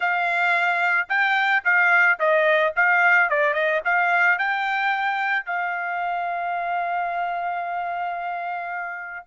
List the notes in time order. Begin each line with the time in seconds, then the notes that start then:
0.00 F5
1.08 G5
1.64 F5
2.19 D#5
2.75 F5
3.29 D5
3.53 D#5
3.84 F5
4.38 G5
5.45 F5